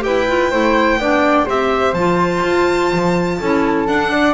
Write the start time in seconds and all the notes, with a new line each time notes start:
0.00 E4 G4 B4 G5
0.28 F4
0.50 A3 E4 C5
0.97 B3 D4 D5
1.45 C4 G4 C5 E5
1.93 F3 F4 A5
2.43 F4
2.92 F3
3.40 C#4 E4 A4
3.87 D4 F#5
4.11 D5